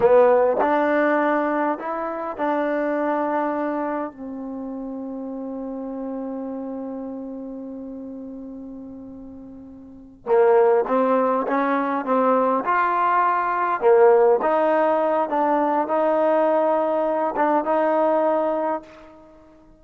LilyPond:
\new Staff \with { instrumentName = "trombone" } { \time 4/4 \tempo 4 = 102 b4 d'2 e'4 | d'2. c'4~ | c'1~ | c'1~ |
c'4. ais4 c'4 cis'8~ | cis'8 c'4 f'2 ais8~ | ais8 dis'4. d'4 dis'4~ | dis'4. d'8 dis'2 | }